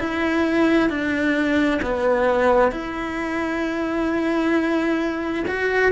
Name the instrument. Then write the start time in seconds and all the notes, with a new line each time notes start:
cello
0.00 E4
0.90 D4
1.82 B3
2.72 E4
5.48 F#4